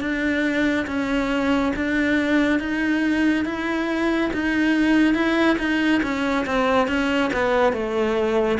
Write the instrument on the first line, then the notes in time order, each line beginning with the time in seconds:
cello
0.00 D4
0.86 C#4
1.76 D4
2.59 D#4
3.45 E4
4.33 D#4
5.14 E4
5.58 D#4
6.02 C#4
6.46 C4
6.87 C#4
7.33 B3
7.72 A3